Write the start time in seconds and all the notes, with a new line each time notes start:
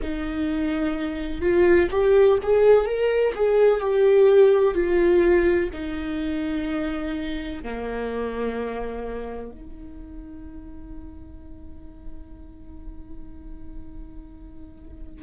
0.02 D#4
1.41 F4
1.90 G4
2.42 G#4
2.85 A#4
3.34 G#4
3.80 G4
4.74 F4
5.72 D#4
7.63 A#3
9.52 D#4